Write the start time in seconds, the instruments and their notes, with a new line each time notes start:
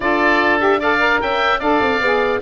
0.00 tuba D4, saxophone F4, oboe A4 D5
0.59 saxophone G4, oboe E5
0.79 saxophone A4, oboe D5 F5
0.98 saxophone A#4
1.20 tuba C#4, oboe E5 G5
1.59 tuba D4, saxophone A4, oboe D5 F5
1.80 tuba C4
2.00 tuba B3, saxophone G#4